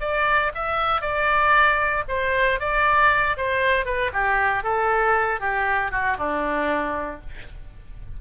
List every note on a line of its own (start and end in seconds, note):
0.00 0.51 D5
0.54 1.01 E5
1.01 2.03 D5
2.08 2.59 C5
2.59 3.36 D5
3.37 3.85 C5
3.85 4.11 B4
4.13 4.63 G4
4.63 5.40 A4
5.40 5.91 G4
5.91 6.17 F#4
6.18 7.20 D4